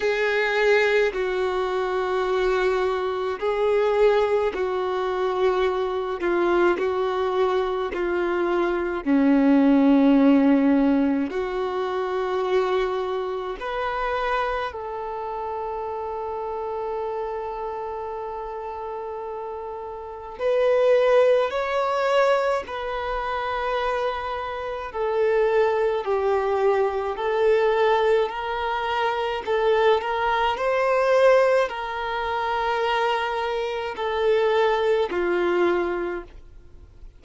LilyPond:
\new Staff \with { instrumentName = "violin" } { \time 4/4 \tempo 4 = 53 gis'4 fis'2 gis'4 | fis'4. f'8 fis'4 f'4 | cis'2 fis'2 | b'4 a'2.~ |
a'2 b'4 cis''4 | b'2 a'4 g'4 | a'4 ais'4 a'8 ais'8 c''4 | ais'2 a'4 f'4 | }